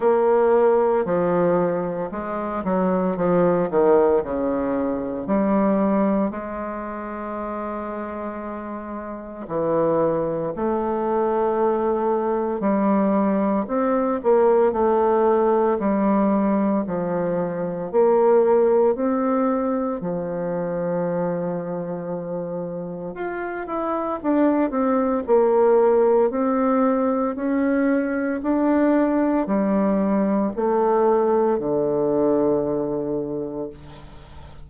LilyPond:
\new Staff \with { instrumentName = "bassoon" } { \time 4/4 \tempo 4 = 57 ais4 f4 gis8 fis8 f8 dis8 | cis4 g4 gis2~ | gis4 e4 a2 | g4 c'8 ais8 a4 g4 |
f4 ais4 c'4 f4~ | f2 f'8 e'8 d'8 c'8 | ais4 c'4 cis'4 d'4 | g4 a4 d2 | }